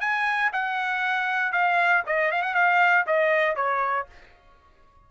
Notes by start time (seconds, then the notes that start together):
0.00 G#5
0.52 F#5
1.52 F5
2.06 D#5
2.31 F5
2.42 F#5
2.54 F5
3.06 D#5
3.55 C#5